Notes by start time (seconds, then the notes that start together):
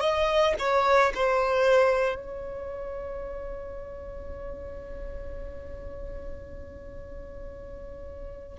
0.00 D#5
0.58 C#5
1.14 C5
2.15 C#5